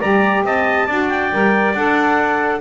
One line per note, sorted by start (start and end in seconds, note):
0.00 0.44 G3
0.00 0.88 G4
0.00 0.43 D5
0.00 0.43 A#5
0.44 0.87 C4
0.44 0.86 D#5
0.44 1.09 A5
0.86 1.32 D4
0.86 1.32 F#4
0.86 2.60 D5
1.09 1.74 G5
1.32 1.74 G3
1.32 1.75 A#4
1.74 2.61 D4
1.74 2.61 A4
1.74 2.61 F#5